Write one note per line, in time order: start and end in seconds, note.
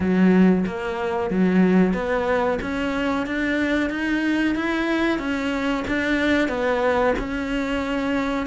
0.00 0.65 F#3
0.66 1.30 A#3
1.30 1.93 F#3
1.93 2.58 B3
2.61 3.26 C#4
3.26 3.90 D4
3.90 4.55 D#4
4.55 5.18 E4
5.18 5.84 C#4
5.87 6.48 D4
6.48 7.13 B3
7.19 8.46 C#4